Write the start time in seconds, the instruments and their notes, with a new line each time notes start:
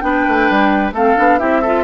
0.00 bassoon B3, clarinet D4, oboe B4, flute G5
0.27 bassoon A3
0.49 bassoon G3
0.91 bassoon A3, clarinet C4, oboe A4, flute F5
1.16 bassoon B3, clarinet D4
1.38 bassoon C4, clarinet E4, oboe G4, flute E5
1.61 clarinet F4, oboe A4